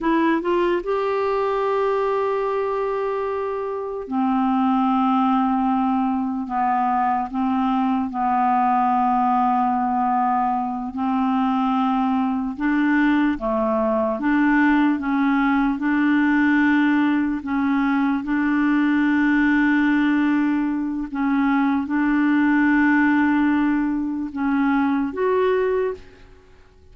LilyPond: \new Staff \with { instrumentName = "clarinet" } { \time 4/4 \tempo 4 = 74 e'8 f'8 g'2.~ | g'4 c'2. | b4 c'4 b2~ | b4. c'2 d'8~ |
d'8 a4 d'4 cis'4 d'8~ | d'4. cis'4 d'4.~ | d'2 cis'4 d'4~ | d'2 cis'4 fis'4 | }